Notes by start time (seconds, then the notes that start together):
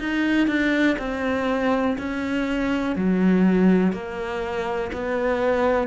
0.00 D#4
0.47 D4
0.99 C4
1.99 C#4
2.96 F#3
3.93 A#3
4.93 B3